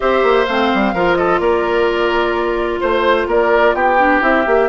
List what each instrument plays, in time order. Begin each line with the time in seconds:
0.00 bassoon C4, clarinet G4, oboe C5, flute E5
0.23 bassoon A#3
0.45 bassoon A3, clarinet C4, flute F5
0.74 bassoon G3
0.93 bassoon F3, clarinet F4, oboe A#4
1.15 oboe A4, flute D#5
1.39 bassoon A#3, oboe A#4, flute D5
2.80 bassoon A3, oboe C5, flute C5
3.27 bassoon A#3, oboe A#4, flute D5
3.74 bassoon B3, oboe G4, flute G5
3.99 clarinet D4
4.21 bassoon C4, clarinet E4, flute E5
4.46 bassoon A#3, clarinet G4